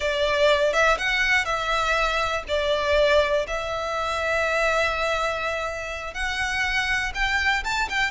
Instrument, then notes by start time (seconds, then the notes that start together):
violin
0.00 D5
0.73 E5
0.97 F#5
1.45 E5
2.48 D5
3.47 E5
6.13 F#5
7.14 G5
7.64 A5
7.89 G5